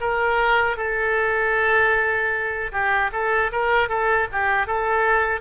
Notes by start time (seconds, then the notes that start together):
0.00 A#4
0.77 A4
2.72 G4
3.12 A4
3.52 A#4
3.89 A4
4.32 G4
4.67 A4